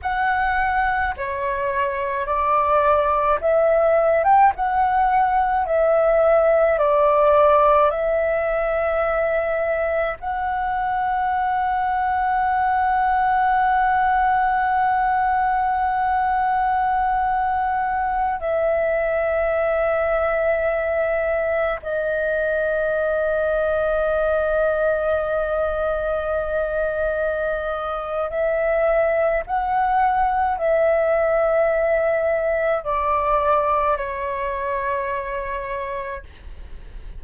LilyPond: \new Staff \with { instrumentName = "flute" } { \time 4/4 \tempo 4 = 53 fis''4 cis''4 d''4 e''8. g''16 | fis''4 e''4 d''4 e''4~ | e''4 fis''2.~ | fis''1~ |
fis''16 e''2. dis''8.~ | dis''1~ | dis''4 e''4 fis''4 e''4~ | e''4 d''4 cis''2 | }